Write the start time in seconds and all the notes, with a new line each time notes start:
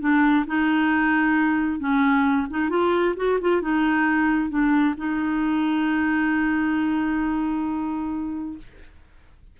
0.00 D4
0.47 D#4
1.79 C#4
2.50 D#4
2.70 F4
3.17 F#4
3.41 F4
3.62 D#4
4.50 D4
4.97 D#4